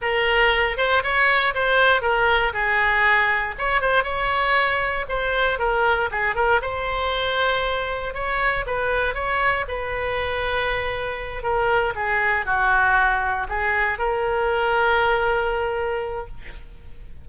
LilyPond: \new Staff \with { instrumentName = "oboe" } { \time 4/4 \tempo 4 = 118 ais'4. c''8 cis''4 c''4 | ais'4 gis'2 cis''8 c''8 | cis''2 c''4 ais'4 | gis'8 ais'8 c''2. |
cis''4 b'4 cis''4 b'4~ | b'2~ b'8 ais'4 gis'8~ | gis'8 fis'2 gis'4 ais'8~ | ais'1 | }